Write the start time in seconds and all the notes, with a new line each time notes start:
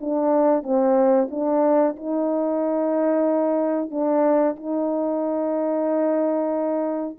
0.00 D4
0.63 C4
1.30 D4
1.96 D#4
3.90 D4
4.56 D#4